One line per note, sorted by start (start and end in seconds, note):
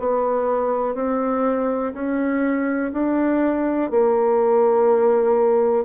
0.00 0.95 B3
0.95 1.94 C4
1.94 2.92 C#4
2.93 3.91 D4
3.91 5.85 A#3